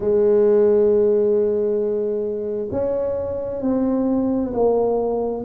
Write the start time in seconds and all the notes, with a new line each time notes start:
0.00 G#3
2.71 C#4
3.61 C4
4.53 A#3